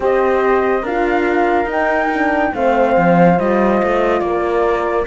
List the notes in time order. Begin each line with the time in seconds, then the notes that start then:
0.00 C4 G4 C5 D#5
0.82 D4 F4 A#4 F5
1.65 D#4 G5
2.13 D4
2.52 A3 C4 C5 F5
2.96 F3
3.36 G3 F4 D#5
3.83 A3
4.20 A#3 A#4 D5